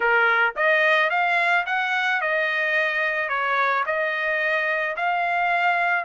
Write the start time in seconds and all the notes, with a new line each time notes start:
0.00 A#4
0.56 D#5
1.10 F5
1.66 F#5
2.21 D#5
3.29 C#5
3.86 D#5
4.96 F5